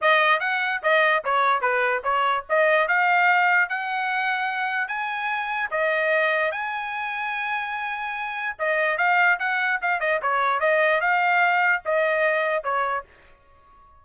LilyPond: \new Staff \with { instrumentName = "trumpet" } { \time 4/4 \tempo 4 = 147 dis''4 fis''4 dis''4 cis''4 | b'4 cis''4 dis''4 f''4~ | f''4 fis''2. | gis''2 dis''2 |
gis''1~ | gis''4 dis''4 f''4 fis''4 | f''8 dis''8 cis''4 dis''4 f''4~ | f''4 dis''2 cis''4 | }